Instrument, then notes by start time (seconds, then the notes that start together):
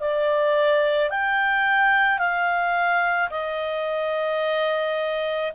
clarinet
0.00 D5
1.11 G5
2.19 F5
3.30 D#5